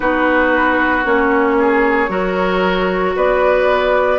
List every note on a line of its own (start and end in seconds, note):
0.00 1.05 B3
0.00 1.04 D#4
0.00 1.56 F#4
0.00 1.04 B4
1.04 2.09 A#3
1.04 2.08 C#4
1.04 3.15 C#5
1.59 2.10 G#4
2.08 3.14 F#3
2.08 4.18 F#4
2.08 3.15 A#4
3.16 4.18 B3
3.16 4.18 B4
3.16 4.18 D5